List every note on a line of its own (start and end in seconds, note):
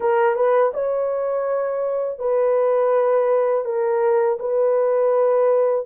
0.00 0.35 A#4
0.35 0.72 B4
0.73 2.18 C#5
2.18 3.65 B4
3.65 4.38 A#4
4.39 5.85 B4